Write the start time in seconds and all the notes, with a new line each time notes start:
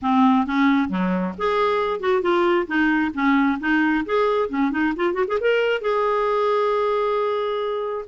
0.01 C4
0.46 C#4
0.88 F#3
1.37 G#4
2.00 F#4
2.22 F4
2.67 D#4
3.13 C#4
3.60 D#4
4.05 G#4
4.49 C#4
4.71 D#4
4.96 F4
5.13 F#4
5.27 G#4
5.40 A#4
5.81 G#4